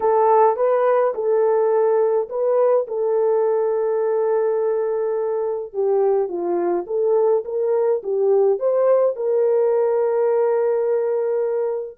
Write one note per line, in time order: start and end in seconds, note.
0.00 0.56 A4
0.56 1.13 B4
1.14 2.28 A4
2.29 2.86 B4
2.87 5.73 A4
5.73 6.28 G4
6.28 6.85 F4
6.86 7.44 A4
7.44 8.02 A#4
8.03 8.59 G4
8.59 9.16 C5
9.16 11.98 A#4